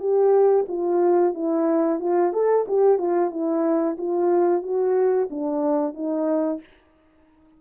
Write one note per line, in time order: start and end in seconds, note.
0.00 0.66 G4
0.68 1.34 F4
1.34 2.00 E4
2.00 2.33 F4
2.33 2.66 A4
2.68 2.99 G4
2.99 3.31 F4
3.31 3.97 E4
3.98 4.63 F4
4.63 5.29 F#4
5.30 5.94 D4
5.94 6.60 D#4